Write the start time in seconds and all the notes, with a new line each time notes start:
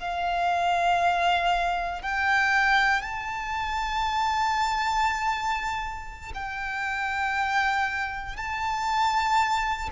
0.00 F5
2.02 G5
3.02 A5
6.34 G5
8.37 A5